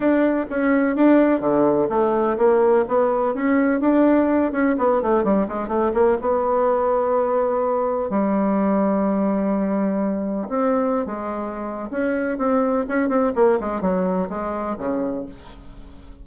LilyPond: \new Staff \with { instrumentName = "bassoon" } { \time 4/4 \tempo 4 = 126 d'4 cis'4 d'4 d4 | a4 ais4 b4 cis'4 | d'4. cis'8 b8 a8 g8 gis8 | a8 ais8 b2.~ |
b4 g2.~ | g2 c'4~ c'16 gis8.~ | gis4 cis'4 c'4 cis'8 c'8 | ais8 gis8 fis4 gis4 cis4 | }